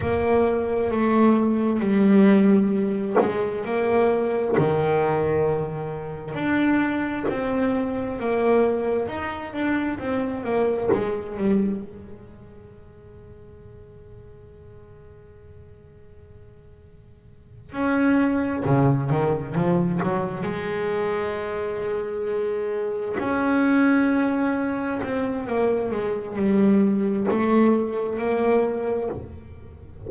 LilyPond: \new Staff \with { instrumentName = "double bass" } { \time 4/4 \tempo 4 = 66 ais4 a4 g4. gis8 | ais4 dis2 d'4 | c'4 ais4 dis'8 d'8 c'8 ais8 | gis8 g8 gis2.~ |
gis2.~ gis8 cis'8~ | cis'8 cis8 dis8 f8 fis8 gis4.~ | gis4. cis'2 c'8 | ais8 gis8 g4 a4 ais4 | }